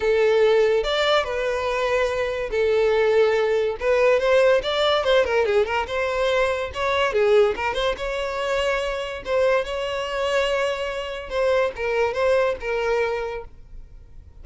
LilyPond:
\new Staff \with { instrumentName = "violin" } { \time 4/4 \tempo 4 = 143 a'2 d''4 b'4~ | b'2 a'2~ | a'4 b'4 c''4 d''4 | c''8 ais'8 gis'8 ais'8 c''2 |
cis''4 gis'4 ais'8 c''8 cis''4~ | cis''2 c''4 cis''4~ | cis''2. c''4 | ais'4 c''4 ais'2 | }